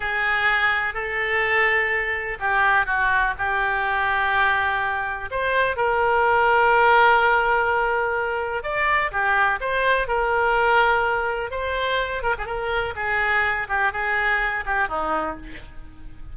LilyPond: \new Staff \with { instrumentName = "oboe" } { \time 4/4 \tempo 4 = 125 gis'2 a'2~ | a'4 g'4 fis'4 g'4~ | g'2. c''4 | ais'1~ |
ais'2 d''4 g'4 | c''4 ais'2. | c''4. ais'16 gis'16 ais'4 gis'4~ | gis'8 g'8 gis'4. g'8 dis'4 | }